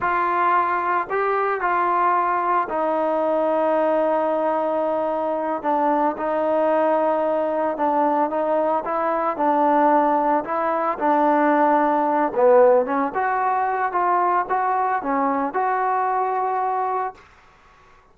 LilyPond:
\new Staff \with { instrumentName = "trombone" } { \time 4/4 \tempo 4 = 112 f'2 g'4 f'4~ | f'4 dis'2.~ | dis'2~ dis'8 d'4 dis'8~ | dis'2~ dis'8 d'4 dis'8~ |
dis'8 e'4 d'2 e'8~ | e'8 d'2~ d'8 b4 | cis'8 fis'4. f'4 fis'4 | cis'4 fis'2. | }